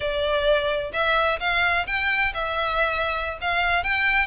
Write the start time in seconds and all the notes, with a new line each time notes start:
0.00 D5
0.92 E5
1.39 F5
1.86 G5
2.33 E5
3.41 F5
3.83 G5